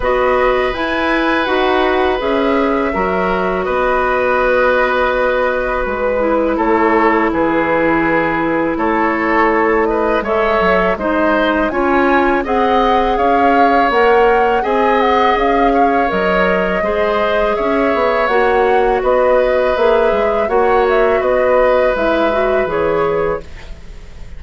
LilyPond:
<<
  \new Staff \with { instrumentName = "flute" } { \time 4/4 \tempo 4 = 82 dis''4 gis''4 fis''4 e''4~ | e''4 dis''2. | b'4 cis''4 b'2 | cis''4. dis''8 e''4 dis''4 |
gis''4 fis''4 f''4 fis''4 | gis''8 fis''8 f''4 dis''2 | e''4 fis''4 dis''4 e''4 | fis''8 e''8 dis''4 e''4 cis''4 | }
  \new Staff \with { instrumentName = "oboe" } { \time 4/4 b'1 | ais'4 b'2.~ | b'4 a'4 gis'2 | a'4. b'8 cis''4 c''4 |
cis''4 dis''4 cis''2 | dis''4. cis''4. c''4 | cis''2 b'2 | cis''4 b'2. | }
  \new Staff \with { instrumentName = "clarinet" } { \time 4/4 fis'4 e'4 fis'4 gis'4 | fis'1~ | fis'8 e'2.~ e'8~ | e'2 a'4 dis'4 |
f'4 gis'2 ais'4 | gis'2 ais'4 gis'4~ | gis'4 fis'2 gis'4 | fis'2 e'8 fis'8 gis'4 | }
  \new Staff \with { instrumentName = "bassoon" } { \time 4/4 b4 e'4 dis'4 cis'4 | fis4 b2. | gis4 a4 e2 | a2 gis8 fis8 gis4 |
cis'4 c'4 cis'4 ais4 | c'4 cis'4 fis4 gis4 | cis'8 b8 ais4 b4 ais8 gis8 | ais4 b4 gis4 e4 | }
>>